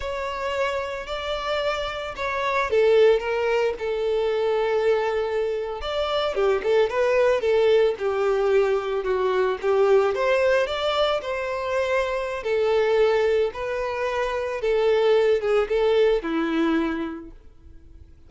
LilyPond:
\new Staff \with { instrumentName = "violin" } { \time 4/4 \tempo 4 = 111 cis''2 d''2 | cis''4 a'4 ais'4 a'4~ | a'2~ a'8. d''4 g'16~ | g'16 a'8 b'4 a'4 g'4~ g'16~ |
g'8. fis'4 g'4 c''4 d''16~ | d''8. c''2~ c''16 a'4~ | a'4 b'2 a'4~ | a'8 gis'8 a'4 e'2 | }